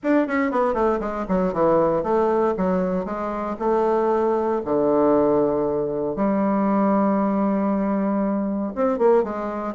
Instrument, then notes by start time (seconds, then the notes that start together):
bassoon
0.03 D4
0.27 C#4
0.51 B3
0.73 A3
1.00 G#3
1.28 F#3
1.53 E3
2.03 A3
2.57 F#3
3.05 G#3
3.59 A3
4.64 D3
6.16 G3
8.75 C4
8.98 A#3
9.23 G#3